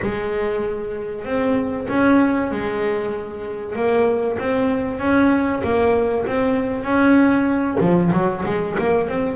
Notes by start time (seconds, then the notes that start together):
0.01 G#3
1.24 C4
1.88 C#4
2.51 G#3
3.75 A#3
4.39 C4
4.99 C#4
5.63 A#3
6.26 C4
6.84 C#4
7.80 F3
8.12 F#3
8.45 G#3
8.78 A#3
9.08 C4